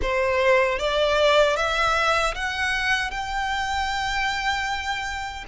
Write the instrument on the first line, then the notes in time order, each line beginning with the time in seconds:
violin
0.02 C5
0.78 D5
1.56 E5
2.34 F#5
3.11 G5